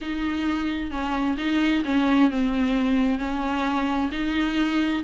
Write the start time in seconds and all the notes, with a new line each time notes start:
0.01 D#4
0.91 C#4
1.37 D#4
1.84 C#4
2.30 C4
3.18 C#4
4.11 D#4